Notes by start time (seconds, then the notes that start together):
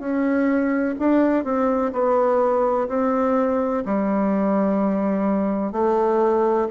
0.00 C#4
0.99 D4
1.44 C4
1.93 B3
2.88 C4
3.85 G3
5.72 A3